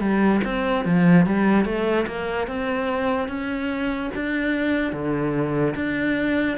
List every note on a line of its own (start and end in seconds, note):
0.00 0.41 G3
0.44 0.85 C4
0.85 1.26 F3
1.26 1.65 G3
1.65 2.06 A3
2.07 2.47 A#3
2.47 3.28 C4
3.28 4.10 C#4
4.15 4.92 D4
4.92 5.75 D3
5.75 6.58 D4